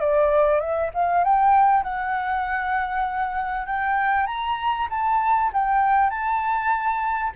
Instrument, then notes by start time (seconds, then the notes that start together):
flute
0.00 D5
0.60 E5
0.94 F5
1.24 G5
1.83 F#5
3.67 G5
4.26 A#5
4.90 A5
5.53 G5
6.10 A5